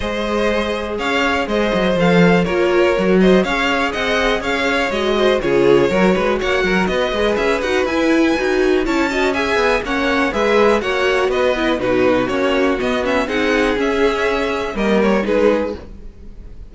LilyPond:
<<
  \new Staff \with { instrumentName = "violin" } { \time 4/4 \tempo 4 = 122 dis''2 f''4 dis''4 | f''4 cis''4. dis''8 f''4 | fis''4 f''4 dis''4 cis''4~ | cis''4 fis''4 dis''4 e''8 fis''8 |
gis''2 a''4 gis''4 | fis''4 e''4 fis''4 dis''4 | b'4 cis''4 dis''8 e''8 fis''4 | e''2 dis''8 cis''8 b'4 | }
  \new Staff \with { instrumentName = "violin" } { \time 4/4 c''2 cis''4 c''4~ | c''4 ais'4. c''8 cis''4 | dis''4 cis''4. c''8 gis'4 | ais'8 b'8 cis''8 ais'8 b'2~ |
b'2 cis''8 dis''8 e''4 | cis''4 b'4 cis''4 b'4 | fis'2. gis'4~ | gis'2 ais'4 gis'4 | }
  \new Staff \with { instrumentName = "viola" } { \time 4/4 gis'1 | a'4 f'4 fis'4 gis'4~ | gis'2 fis'4 f'4 | fis'2~ fis'8 gis'4 fis'8 |
e'4 fis'4 e'8 fis'8 gis'4 | cis'4 gis'4 fis'4. e'8 | dis'4 cis'4 b8 cis'8 dis'4 | cis'2 ais4 dis'4 | }
  \new Staff \with { instrumentName = "cello" } { \time 4/4 gis2 cis'4 gis8 fis8 | f4 ais4 fis4 cis'4 | c'4 cis'4 gis4 cis4 | fis8 gis8 ais8 fis8 b8 gis8 cis'8 dis'8 |
e'4 dis'4 cis'4. b8 | ais4 gis4 ais4 b4 | b,4 ais4 b4 c'4 | cis'2 g4 gis4 | }
>>